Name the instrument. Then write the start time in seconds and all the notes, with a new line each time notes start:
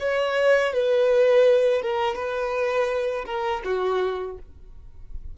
violin
0.00 C#5
0.73 B4
1.82 A#4
2.16 B4
3.26 A#4
3.65 F#4